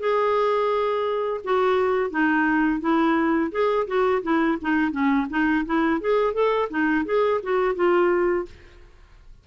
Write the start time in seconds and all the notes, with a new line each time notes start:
0.00 G#4
1.44 F#4
2.11 D#4
2.81 E4
3.52 G#4
3.88 F#4
4.23 E4
4.62 D#4
4.92 C#4
5.30 D#4
5.66 E4
6.01 G#4
6.34 A4
6.71 D#4
7.06 G#4
7.43 F#4
7.76 F4